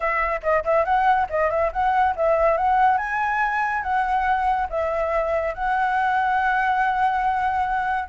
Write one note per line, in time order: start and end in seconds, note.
0.00 0.40 E5
0.42 0.64 D#5
0.64 0.84 E5
0.84 1.27 F#5
1.29 1.50 D#5
1.50 1.71 E5
1.72 2.15 F#5
2.16 2.57 E5
2.57 2.97 F#5
2.97 3.82 G#5
3.82 4.67 F#5
4.69 5.54 E5
5.54 8.09 F#5